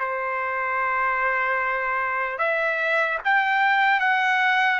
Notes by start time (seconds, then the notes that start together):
0.00 C5
2.39 E5
3.25 G5
4.00 F#5